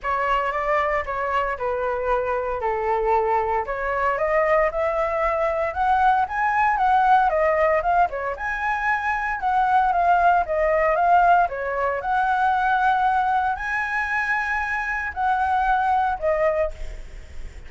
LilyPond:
\new Staff \with { instrumentName = "flute" } { \time 4/4 \tempo 4 = 115 cis''4 d''4 cis''4 b'4~ | b'4 a'2 cis''4 | dis''4 e''2 fis''4 | gis''4 fis''4 dis''4 f''8 cis''8 |
gis''2 fis''4 f''4 | dis''4 f''4 cis''4 fis''4~ | fis''2 gis''2~ | gis''4 fis''2 dis''4 | }